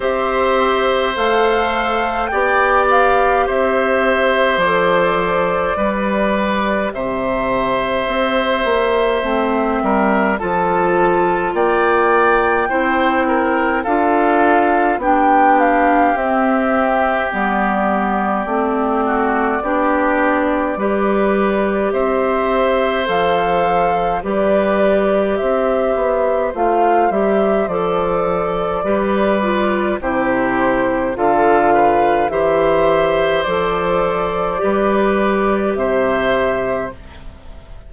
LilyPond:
<<
  \new Staff \with { instrumentName = "flute" } { \time 4/4 \tempo 4 = 52 e''4 f''4 g''8 f''8 e''4 | d''2 e''2~ | e''4 a''4 g''2 | f''4 g''8 f''8 e''4 d''4~ |
d''2. e''4 | f''4 d''4 e''4 f''8 e''8 | d''2 c''4 f''4 | e''4 d''2 e''4 | }
  \new Staff \with { instrumentName = "oboe" } { \time 4/4 c''2 d''4 c''4~ | c''4 b'4 c''2~ | c''8 ais'8 a'4 d''4 c''8 ais'8 | a'4 g'2.~ |
g'8 fis'8 g'4 b'4 c''4~ | c''4 b'4 c''2~ | c''4 b'4 g'4 a'8 b'8 | c''2 b'4 c''4 | }
  \new Staff \with { instrumentName = "clarinet" } { \time 4/4 g'4 a'4 g'2 | a'4 g'2. | c'4 f'2 e'4 | f'4 d'4 c'4 b4 |
c'4 d'4 g'2 | a'4 g'2 f'8 g'8 | a'4 g'8 f'8 e'4 f'4 | g'4 a'4 g'2 | }
  \new Staff \with { instrumentName = "bassoon" } { \time 4/4 c'4 a4 b4 c'4 | f4 g4 c4 c'8 ais8 | a8 g8 f4 ais4 c'4 | d'4 b4 c'4 g4 |
a4 b4 g4 c'4 | f4 g4 c'8 b8 a8 g8 | f4 g4 c4 d4 | e4 f4 g4 c4 | }
>>